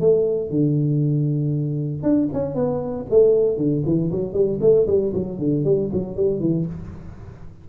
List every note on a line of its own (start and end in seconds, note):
0.00 0.50 A3
0.50 2.03 D3
2.03 2.28 D4
2.33 2.55 C#4
2.55 3.06 B3
3.10 3.57 A3
3.57 3.83 D3
3.85 4.11 E3
4.12 4.33 F#3
4.33 4.59 G3
4.61 4.86 A3
4.87 5.12 G3
5.14 5.39 F#3
5.39 5.64 D3
5.64 5.90 G3
5.93 6.16 F#3
6.16 6.40 G3
6.40 6.66 E3